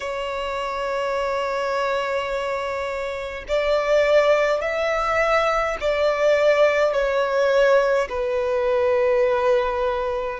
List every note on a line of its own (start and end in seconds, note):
0.00 3.44 C#5
3.48 4.61 D5
4.61 5.76 E5
5.80 6.92 D5
6.92 8.08 C#5
8.09 10.40 B4